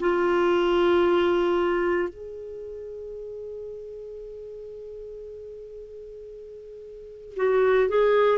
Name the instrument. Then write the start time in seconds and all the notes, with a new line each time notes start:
clarinet
0.00 F4
2.09 G#4
7.36 F#4
7.89 G#4